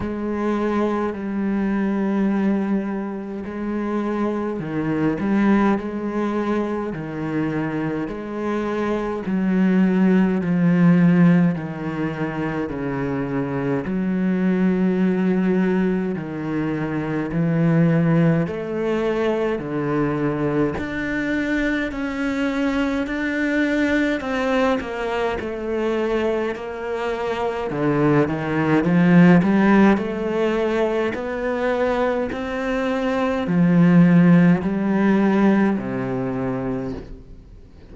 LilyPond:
\new Staff \with { instrumentName = "cello" } { \time 4/4 \tempo 4 = 52 gis4 g2 gis4 | dis8 g8 gis4 dis4 gis4 | fis4 f4 dis4 cis4 | fis2 dis4 e4 |
a4 d4 d'4 cis'4 | d'4 c'8 ais8 a4 ais4 | d8 dis8 f8 g8 a4 b4 | c'4 f4 g4 c4 | }